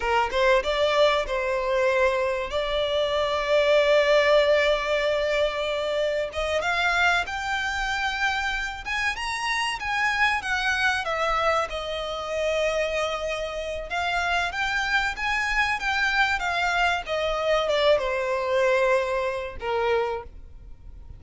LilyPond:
\new Staff \with { instrumentName = "violin" } { \time 4/4 \tempo 4 = 95 ais'8 c''8 d''4 c''2 | d''1~ | d''2 dis''8 f''4 g''8~ | g''2 gis''8 ais''4 gis''8~ |
gis''8 fis''4 e''4 dis''4.~ | dis''2 f''4 g''4 | gis''4 g''4 f''4 dis''4 | d''8 c''2~ c''8 ais'4 | }